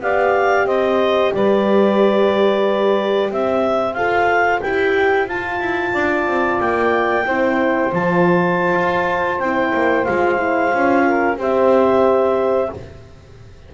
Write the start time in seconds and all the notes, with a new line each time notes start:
0.00 B3 G4 D5 F5
0.65 C4 C5 D#5
1.34 G3 B4 D5
3.30 C4 C5 E5
3.94 F4 A4 F5
4.61 E4 G4 G5
5.27 F4 A5
5.60 E4
5.93 D4 D5
6.27 C4
6.60 A#3 G5
7.26 C4 E4 C5
7.92 F3 F4 A5
8.73 F4
9.39 C4 E4 G5
9.73 A#3
10.04 G#3 F4 F5
10.37 E4
10.70 C#4 F4
11.05 A#4
11.37 C4 G4 C5 E5